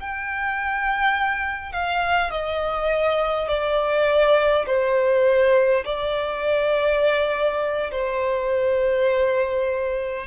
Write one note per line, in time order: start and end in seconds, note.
0.00 1.73 G5
1.73 2.31 F5
2.31 3.48 D#5
3.48 4.66 D5
4.67 5.84 C5
5.85 7.91 D5
7.91 10.27 C5